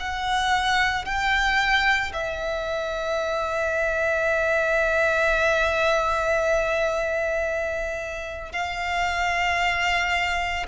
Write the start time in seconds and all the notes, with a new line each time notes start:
0.00 F#5
1.05 G5
2.13 E5
8.52 F5